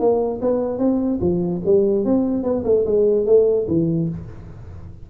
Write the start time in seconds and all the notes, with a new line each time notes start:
0.00 A#3
0.42 B3
0.79 C4
1.21 F3
1.65 G3
2.05 C4
2.44 B3
2.65 A3
2.86 G#3
3.26 A3
3.68 E3